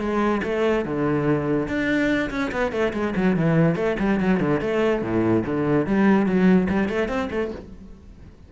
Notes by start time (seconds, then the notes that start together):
0.00 G#3
0.44 A3
0.86 D3
1.68 D4
2.31 C#4
2.52 B3
2.73 A3
2.94 G#3
3.16 F#3
3.37 E3
3.76 A3
4.00 G3
4.20 F#3
4.41 D3
4.61 A3
5.02 A2
5.46 D3
5.87 G3
6.27 F#3
6.70 G3
6.89 A3
7.09 C4
7.31 A3